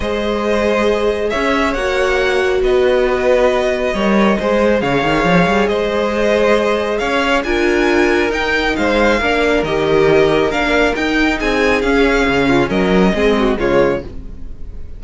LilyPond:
<<
  \new Staff \with { instrumentName = "violin" } { \time 4/4 \tempo 4 = 137 dis''2. e''4 | fis''2 dis''2~ | dis''2. f''4~ | f''4 dis''2. |
f''4 gis''2 g''4 | f''2 dis''2 | f''4 g''4 gis''4 f''4~ | f''4 dis''2 cis''4 | }
  \new Staff \with { instrumentName = "violin" } { \time 4/4 c''2. cis''4~ | cis''2 b'2~ | b'4 cis''4 c''4 cis''4~ | cis''4 c''2. |
cis''4 ais'2. | c''4 ais'2.~ | ais'2 gis'2~ | gis'8 f'8 ais'4 gis'8 fis'8 f'4 | }
  \new Staff \with { instrumentName = "viola" } { \time 4/4 gis'1 | fis'1~ | fis'4 ais'4 gis'2~ | gis'1~ |
gis'4 f'2 dis'4~ | dis'4 d'4 g'2 | d'4 dis'2 cis'4~ | cis'2 c'4 gis4 | }
  \new Staff \with { instrumentName = "cello" } { \time 4/4 gis2. cis'4 | ais2 b2~ | b4 g4 gis4 cis8 dis8 | f8 g8 gis2. |
cis'4 d'2 dis'4 | gis4 ais4 dis2 | ais4 dis'4 c'4 cis'4 | cis4 fis4 gis4 cis4 | }
>>